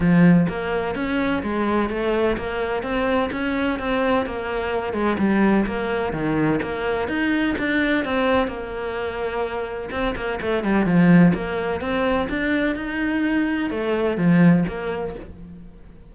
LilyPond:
\new Staff \with { instrumentName = "cello" } { \time 4/4 \tempo 4 = 127 f4 ais4 cis'4 gis4 | a4 ais4 c'4 cis'4 | c'4 ais4. gis8 g4 | ais4 dis4 ais4 dis'4 |
d'4 c'4 ais2~ | ais4 c'8 ais8 a8 g8 f4 | ais4 c'4 d'4 dis'4~ | dis'4 a4 f4 ais4 | }